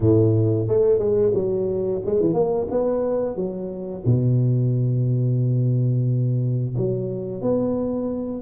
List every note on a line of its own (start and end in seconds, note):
0.00 0.67 A2
0.67 0.98 A3
0.98 1.32 G#3
1.34 2.01 F#3
2.05 2.20 G#3
2.20 2.33 E3
2.33 2.67 A#3
2.70 3.36 B3
3.36 4.03 F#3
4.05 6.75 B2
6.77 7.41 F#3
7.41 8.42 B3